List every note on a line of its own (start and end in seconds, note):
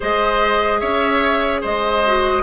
0.00 0.82 G#3
0.00 2.03 G#4
0.00 0.80 C5
0.00 0.79 D#5
0.79 1.63 C#4
0.79 1.61 C#5
0.79 1.60 E5
1.61 2.42 G#3
1.61 2.42 C5
1.61 2.42 D#5
2.06 2.42 F#4